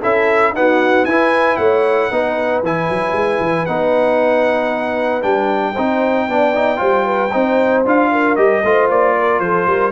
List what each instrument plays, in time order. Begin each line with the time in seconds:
0.00 tuba C#4, trombone E4, horn A4, trumpet E5
0.52 trombone B3, tuba D#4, horn F#4, trumpet F#5
1.05 tuba E4, trombone E4, horn B4, trumpet G#5
1.56 tuba A3, horn C#5, trumpet F#5
2.11 tuba B3, trombone D#4, horn B4
2.62 tuba E3, trombone E4, trumpet G#5
2.90 tuba F#3
3.12 tuba G#3
3.40 tuba E3
3.65 tuba B3, trombone D#4, trumpet F#5
5.21 tuba G3, trombone D4, trumpet G5
5.73 tuba C4, trombone D#4, horn C5
6.28 tuba B3, trombone D4, horn D5
6.55 trombone D#4
6.76 tuba G3, trombone F4, horn C5
7.05 horn B4
7.31 tuba C4, trombone D#4, horn C5
7.85 tuba D4, trombone F4, trumpet F5
8.11 horn A#4
8.35 tuba G3, trombone G4, trumpet D#5
8.63 tuba A3, trombone F4, horn C5
8.89 tuba A#3, trumpet D5
9.17 horn A#4
9.40 tuba F3, horn A4, trumpet C5
9.66 tuba G3, horn A#4